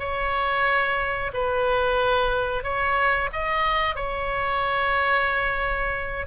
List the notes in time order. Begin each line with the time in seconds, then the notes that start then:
0.00 C#5
1.34 B4
2.64 C#5
3.33 D#5
3.96 C#5